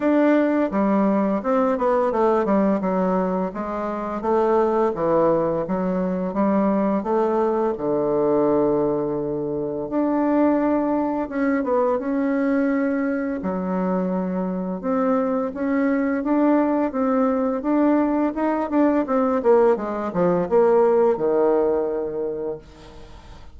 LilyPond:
\new Staff \with { instrumentName = "bassoon" } { \time 4/4 \tempo 4 = 85 d'4 g4 c'8 b8 a8 g8 | fis4 gis4 a4 e4 | fis4 g4 a4 d4~ | d2 d'2 |
cis'8 b8 cis'2 fis4~ | fis4 c'4 cis'4 d'4 | c'4 d'4 dis'8 d'8 c'8 ais8 | gis8 f8 ais4 dis2 | }